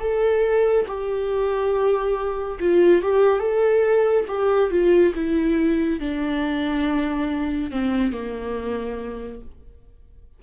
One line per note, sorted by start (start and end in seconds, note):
0.00 0.86 A4
0.88 2.59 G4
2.60 3.02 F4
3.02 3.40 G4
3.40 4.25 A4
4.28 4.71 G4
4.71 5.14 F4
5.15 6.00 E4
6.00 7.71 D4
7.71 8.12 C4
8.12 9.41 A#3